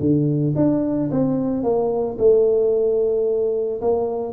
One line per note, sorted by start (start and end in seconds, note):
0.00 0.54 D3
0.56 1.10 D4
1.11 1.63 C4
1.63 2.17 A#3
2.18 3.81 A3
3.81 4.32 A#3